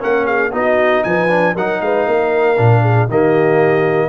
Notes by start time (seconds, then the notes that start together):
0.00 A#3 C#4 A#4 F#5
0.27 G#4 F5
0.52 B3 D#4 F#4 D#5
1.04 F3 B4 G#5
1.29 D4
1.55 F#3 D#4 A#4 F#5
1.82 G#3 B4 F5
2.07 A#3 A#4
2.57 A#2 D4
2.82 G#4
3.09 D#3 A#3 G4 D#5